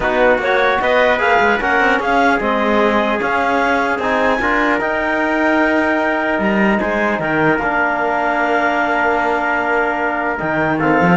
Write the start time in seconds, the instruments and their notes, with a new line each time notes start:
0.00 cello B3, trombone D#4, trumpet F#4, clarinet B4
0.38 cello A#3, trombone F#4, clarinet C#5
0.81 cello B3, trumpet B4, clarinet D#5
1.18 cello A#3, trombone G#4, clarinet F5
1.40 cello G#3
1.60 cello A#3, trombone C#4, trumpet A#4, clarinet F#5
1.80 cello C4
1.99 cello C#4, trumpet G#4, clarinet F5
2.40 cello G#3, trombone C4, clarinet D#5
3.19 trombone C#4, cello C#4, clarinet F5
3.98 cello C4, trombone D#4, clarinet G#5
4.41 cello D4, trombone F4, trumpet A#4
4.79 trombone D#4, cello D#4, clarinet G5
6.38 cello G3, clarinet A#5
6.79 cello G#3, trumpet C5, clarinet G#5
7.19 cello D#3, trumpet A#4, clarinet G5
7.57 cello A#3, trombone D4, clarinet F5
10.38 cello D#3, trombone D#4, clarinet G5
10.79 trombone C4, trumpet A4, clarinet F5
11.01 cello F3